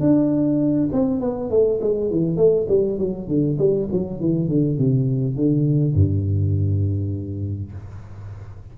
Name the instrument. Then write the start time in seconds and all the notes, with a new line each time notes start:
tuba
0.00 D4
0.92 C4
1.20 B3
1.50 A3
1.81 G#3
2.10 E3
2.37 A3
2.68 G3
2.98 F#3
3.28 D3
3.58 G3
3.92 F#3
4.20 E3
4.48 D3
4.77 C3
5.36 D3
5.94 G2